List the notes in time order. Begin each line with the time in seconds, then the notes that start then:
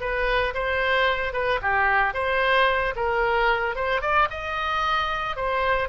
0.00 B4
0.54 C5
1.33 B4
1.61 G4
2.13 C5
2.95 A#4
3.75 C5
4.01 D5
4.30 D#5
5.36 C5